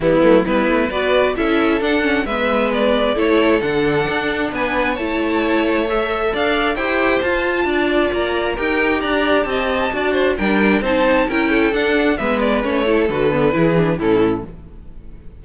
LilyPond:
<<
  \new Staff \with { instrumentName = "violin" } { \time 4/4 \tempo 4 = 133 e'4 b'4 d''4 e''4 | fis''4 e''4 d''4 cis''4 | fis''2 gis''4 a''4~ | a''4 e''4 f''4 g''4 |
a''2 ais''4 g''4 | ais''4 a''2 g''4 | a''4 g''4 fis''4 e''8 d''8 | cis''4 b'2 a'4 | }
  \new Staff \with { instrumentName = "violin" } { \time 4/4 b4 e'4 b'4 a'4~ | a'4 b'2 a'4~ | a'2 b'4 cis''4~ | cis''2 d''4 c''4~ |
c''4 d''2 ais'4 | d''4 dis''4 d''8 c''8 ais'4 | c''4 ais'8 a'4. b'4~ | b'8 a'4. gis'4 e'4 | }
  \new Staff \with { instrumentName = "viola" } { \time 4/4 g8 a8 b4 fis'4 e'4 | d'8 cis'8 b2 e'4 | d'2. e'4~ | e'4 a'2 g'4 |
f'2. g'4~ | g'2 fis'4 d'4 | dis'4 e'4 d'4 b4 | cis'8 e'8 fis'8 b8 e'8 d'8 cis'4 | }
  \new Staff \with { instrumentName = "cello" } { \time 4/4 e8 fis8 g8 a8 b4 cis'4 | d'4 gis2 a4 | d4 d'4 b4 a4~ | a2 d'4 e'4 |
f'4 d'4 ais4 dis'4 | d'4 c'4 d'4 g4 | c'4 cis'4 d'4 gis4 | a4 d4 e4 a,4 | }
>>